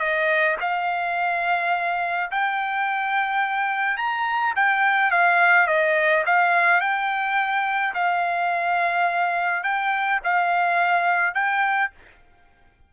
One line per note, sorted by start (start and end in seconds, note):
0.00 0.57 D#5
0.61 2.31 F5
2.32 3.98 G5
3.98 4.54 A#5
4.56 5.12 G5
5.12 5.68 F5
5.68 6.24 D#5
6.27 6.81 F5
6.81 7.95 G5
7.95 9.64 F5
9.64 10.20 G5
10.24 11.35 F5
11.35 11.91 G5